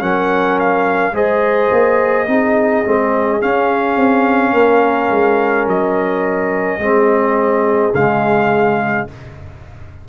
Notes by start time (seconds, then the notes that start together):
0.00 F#3 C#4 A#4 F#5
0.60 F5
1.13 G#3 G#4 C5 D#5
1.72 A#3
2.28 C4 D#4 G#4
2.85 G#3 C4
3.41 C#4 F5
3.96 C4
4.53 A#3 A#4
5.11 G#3
5.67 F#3 D#5
6.79 G#3 C4 G#4
7.95 C#3 G#3 F5